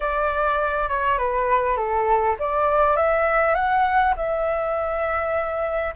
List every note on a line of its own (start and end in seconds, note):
0.00 0.88 D5
0.88 1.17 C#5
1.17 1.76 B4
1.76 2.36 A4
2.39 2.96 D5
2.96 3.54 E5
3.54 4.14 F#5
4.16 5.94 E5